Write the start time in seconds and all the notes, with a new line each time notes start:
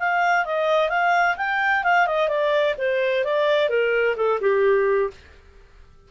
0.00 F5
0.46 D#5
0.90 F5
1.37 G5
1.84 F5
2.07 D#5
2.29 D5
2.78 C5
3.25 D5
3.70 A#4
4.17 A4
4.41 G4